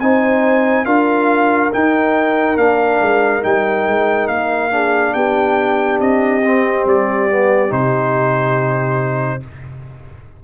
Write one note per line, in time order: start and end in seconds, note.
0.00 0.86 C4
0.00 0.86 D#4
0.00 0.87 C5
0.00 0.86 G#5
0.86 1.71 D4
0.86 1.72 F4
0.86 4.72 A#4
0.86 1.71 F5
1.72 2.58 D#4
1.72 2.57 D#4
1.72 2.58 G5
2.57 3.00 A#3
2.57 3.42 D4
2.57 3.43 F5
3.01 3.44 G#3
3.42 3.87 G3
3.42 4.71 D#4
3.42 4.28 G5
3.87 4.29 G#3
4.28 5.14 A#3
4.28 5.14 F5
4.71 6.42 D4
4.71 5.15 G#4
5.14 6.00 B3
5.14 9.43 G4
5.14 6.00 G5
6.00 6.86 C4
6.00 6.87 D#5
6.45 7.30 C4
6.86 7.72 G3
6.86 7.73 D5
7.30 7.69 B3
7.69 9.43 C3
7.69 9.41 D#4
7.69 9.44 C5